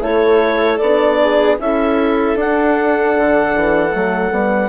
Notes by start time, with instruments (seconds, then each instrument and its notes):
0.00 bassoon A3, horn E4, viola A4, clarinet C#5
0.78 bassoon B3, horn D4, clarinet D5
1.21 viola G#4
1.59 bassoon C#4, horn E4, viola A4, clarinet E5
2.36 bassoon D4, horn D4, clarinet F#5
3.18 bassoon D3
3.56 bassoon E3
3.91 bassoon F#3, horn A3
4.32 bassoon G3, horn B3